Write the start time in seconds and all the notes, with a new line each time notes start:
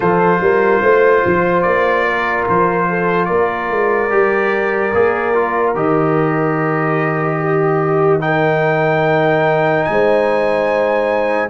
0.00 F3 F4 A4 C5
0.40 G3 A#4
0.82 A3 C5
1.25 F3
1.61 A#3 D5
2.05 A#4
2.48 F3 C5
2.89 A4
3.25 A#3 A#4 D5
3.70 G#3
4.10 G3 G4
4.94 A#3 G#4
5.34 F4
5.74 D#3 G4 D#5
7.39 G4
8.20 D#4 A#4 G5
9.84 G#3 G#5
9.91 C5